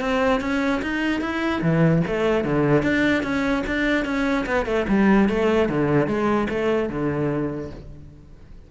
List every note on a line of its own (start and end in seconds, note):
0.00 0.40 C4
0.40 0.81 C#4
0.82 1.21 D#4
1.21 1.61 E4
1.62 2.02 E3
2.07 2.44 A3
2.44 2.82 D3
2.82 3.22 D4
3.22 3.63 C#4
3.66 4.04 D4
4.04 4.45 C#4
4.46 4.65 B3
4.65 4.86 A3
4.88 5.28 G3
5.29 5.68 A3
5.68 6.07 D3
6.07 6.47 G#3
6.49 6.89 A3
6.89 7.70 D3